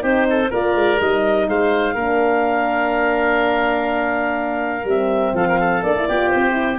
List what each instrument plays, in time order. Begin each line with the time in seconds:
0.00 tuba C4, horn D#4, oboe G4, clarinet C5
0.30 oboe A4
0.50 tuba A#3, horn F4, oboe A#4, clarinet D5
0.76 tuba G#3
1.01 tuba G3, horn D#4, clarinet D#5
1.48 tuba G#3, oboe C5, clarinet F5
1.95 tuba A#3, horn D4, oboe A#4
4.84 tuba G3, horn C4, clarinet E5
5.34 tuba F3, oboe A4, clarinet F5
5.48 oboe A#4
5.60 oboe A4
5.83 tuba A#3, horn D4, clarinet D5
5.97 horn E4
6.08 tuba B3, horn F4, oboe G4
6.29 tuba C4, clarinet C5
6.52 horn E4